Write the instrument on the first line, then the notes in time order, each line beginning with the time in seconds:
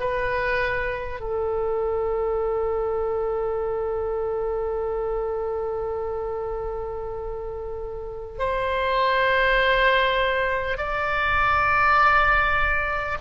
oboe
0.00 B4
1.21 A4
8.39 C5
10.78 D5